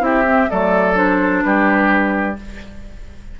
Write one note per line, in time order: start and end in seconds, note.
0.00 0.48 C4
0.00 0.23 E4
0.00 0.50 G4
0.00 0.50 E5
0.25 0.49 C4
0.50 1.44 F#3
0.50 0.95 A3
0.50 1.44 A4
0.50 0.97 D5
0.95 2.36 D4
0.95 1.42 C5
1.42 2.38 G3
1.42 2.40 G4
1.42 2.36 B4